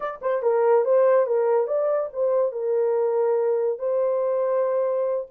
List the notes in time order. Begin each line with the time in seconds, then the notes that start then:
0.00 D5
0.21 C5
0.42 A#4
0.85 C5
1.26 A#4
1.67 D5
2.13 C5
2.52 A#4
3.79 C5